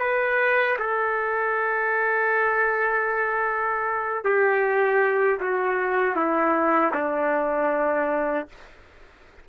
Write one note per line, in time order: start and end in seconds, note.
0.00 0.77 B4
0.79 4.24 A4
4.24 5.40 G4
5.41 6.16 F#4
6.16 6.93 E4
6.94 8.48 D4